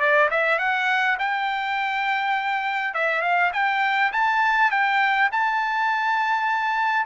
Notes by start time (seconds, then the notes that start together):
0.00 D5
0.31 E5
0.59 F#5
1.19 G5
2.95 E5
3.22 F5
3.54 G5
4.13 A5
4.72 G5
5.32 A5